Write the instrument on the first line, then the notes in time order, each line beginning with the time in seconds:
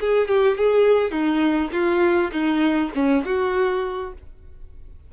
violin
0.00 G#4
0.28 G4
0.57 G#4
1.11 D#4
1.72 F4
2.32 D#4
2.95 C#4
3.25 F#4